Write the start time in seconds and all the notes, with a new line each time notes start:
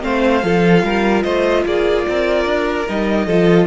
0.00 A3 C4 C5 F5
0.42 F3 F4 A4
0.83 G3 A#4
1.23 A3 C5 D#5
1.65 A#3 G#4 D5
2.08 C4 A#4
2.45 D4
2.88 G3 D#4 D#5
3.26 F3 F4 A4